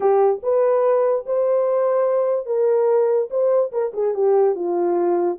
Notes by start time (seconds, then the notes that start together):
0.00 G4
0.42 B4
1.25 C5
2.46 A#4
3.30 C5
3.71 A#4
3.93 G#4
4.14 G4
4.55 F4